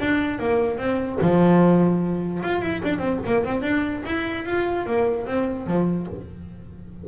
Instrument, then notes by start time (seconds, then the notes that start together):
double bass
0.00 D4
0.39 A#3
0.78 C4
1.22 F3
2.43 F4
2.62 E4
2.84 D4
2.99 C4
3.26 A#3
3.44 C4
3.62 D4
4.06 E4
4.46 F4
4.86 A#3
5.26 C4
5.67 F3